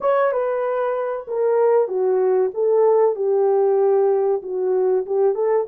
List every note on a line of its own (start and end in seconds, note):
0.01 0.32 C#5
0.32 1.26 B4
1.27 1.88 A#4
1.88 2.51 F#4
2.53 3.16 A4
3.16 4.42 G4
4.42 5.05 F#4
5.06 5.35 G4
5.35 5.66 A4